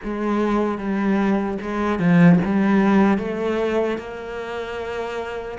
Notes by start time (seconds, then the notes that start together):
0.03 G#3
0.78 G3
1.61 G#3
1.99 F3
2.44 G3
3.17 A3
3.97 A#3